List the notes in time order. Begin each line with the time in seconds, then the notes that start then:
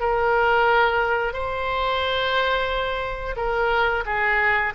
0.00 A#4
1.34 C5
3.37 A#4
4.06 G#4